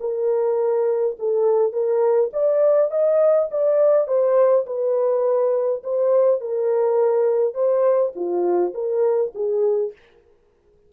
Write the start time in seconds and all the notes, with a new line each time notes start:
0.00 A#4
1.19 A4
1.72 A#4
2.33 D5
2.91 D#5
3.51 D5
4.07 C5
4.66 B4
5.83 C5
6.40 A#4
7.54 C5
8.15 F4
8.74 A#4
9.34 G#4